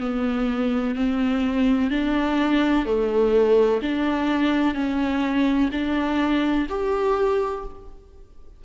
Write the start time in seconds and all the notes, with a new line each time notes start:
0.00 B3
0.95 C4
1.90 D4
2.86 A3
3.82 D4
4.74 C#4
5.71 D4
6.69 G4